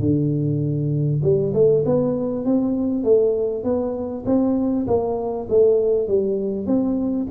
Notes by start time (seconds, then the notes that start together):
0.00 D3
1.23 G3
1.54 A3
1.85 B3
2.45 C4
3.04 A3
3.64 B3
4.26 C4
4.87 A#3
5.49 A3
6.08 G3
6.66 C4